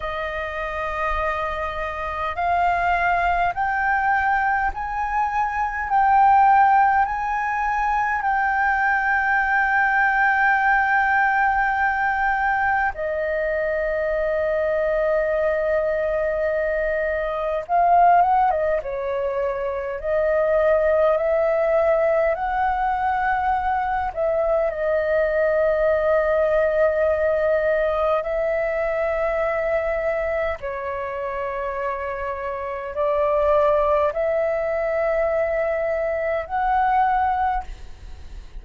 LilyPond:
\new Staff \with { instrumentName = "flute" } { \time 4/4 \tempo 4 = 51 dis''2 f''4 g''4 | gis''4 g''4 gis''4 g''4~ | g''2. dis''4~ | dis''2. f''8 fis''16 dis''16 |
cis''4 dis''4 e''4 fis''4~ | fis''8 e''8 dis''2. | e''2 cis''2 | d''4 e''2 fis''4 | }